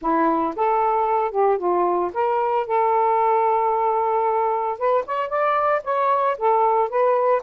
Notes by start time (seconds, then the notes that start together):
0.01 E4
0.56 A4
1.31 G4
1.58 F4
2.13 A#4
2.66 A4
4.78 B4
5.05 C#5
5.29 D5
5.84 C#5
6.38 A4
6.89 B4